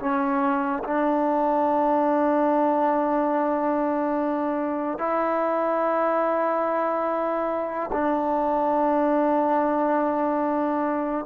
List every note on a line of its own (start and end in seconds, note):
0.00 0.83 C#4
0.84 4.99 D4
4.99 7.91 E4
7.92 11.26 D4